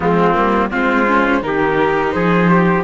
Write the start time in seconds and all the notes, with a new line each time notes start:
0.00 F3 G#3 C4 F4
0.34 G3 A#3
0.70 G#3 C4 F4 C5
1.07 C#4
1.42 D#3 D#4 G4 A#4
2.11 F3 G#4 C5
2.49 G4